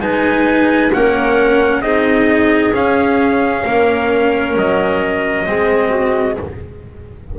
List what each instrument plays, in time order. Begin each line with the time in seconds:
0.00 double bass G#3, cello D#4, clarinet B4, trumpet G#5
0.93 double bass A#3, cello C#4, clarinet A#4, trumpet F#5
1.81 double bass C4, cello D#4, clarinet G#4, trumpet D#5
2.73 double bass C#4, cello C#4, trumpet F5
3.66 double bass A#3, clarinet A#4
4.56 double bass F#3, trumpet D#5
5.47 double bass G#3, cello C4, clarinet G#4
5.89 clarinet F#4